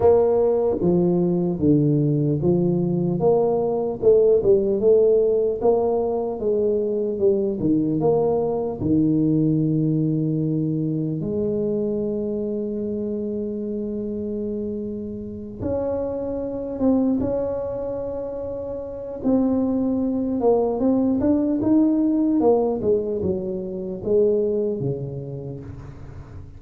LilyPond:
\new Staff \with { instrumentName = "tuba" } { \time 4/4 \tempo 4 = 75 ais4 f4 d4 f4 | ais4 a8 g8 a4 ais4 | gis4 g8 dis8 ais4 dis4~ | dis2 gis2~ |
gis2.~ gis8 cis'8~ | cis'4 c'8 cis'2~ cis'8 | c'4. ais8 c'8 d'8 dis'4 | ais8 gis8 fis4 gis4 cis4 | }